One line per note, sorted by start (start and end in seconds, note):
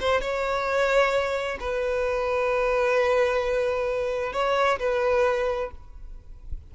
0.00 0.20 C5
0.20 1.58 C#5
1.60 4.33 B4
4.33 4.78 C#5
4.79 5.70 B4